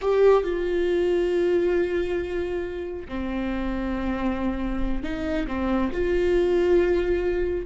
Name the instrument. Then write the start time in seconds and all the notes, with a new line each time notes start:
viola
0.01 G4
0.43 F4
3.08 C4
5.03 D#4
5.47 C4
5.92 F4